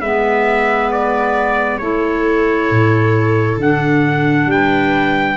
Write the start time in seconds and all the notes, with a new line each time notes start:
0.00 G#3 B3 B4 E5
0.91 D5
1.78 A3 E4 A4 C#5
2.70 A2
3.57 D3 D4 F#5
4.45 G3 G5
4.52 B4